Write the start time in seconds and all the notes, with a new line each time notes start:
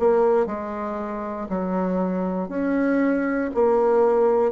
0.00 A#3
0.47 G#3
1.49 F#3
2.49 C#4
3.55 A#3